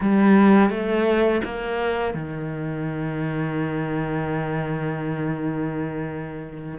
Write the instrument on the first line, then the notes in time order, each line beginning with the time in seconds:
cello
0.00 G3
0.69 A3
1.44 A#3
2.14 D#3